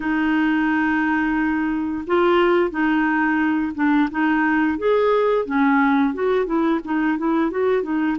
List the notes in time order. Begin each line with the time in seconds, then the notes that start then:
0.00 D#4
2.06 F4
2.70 D#4
3.75 D4
4.10 D#4
4.78 G#4
5.45 C#4
6.14 F#4
6.46 E4
6.84 D#4
7.18 E4
7.51 F#4
7.83 D#4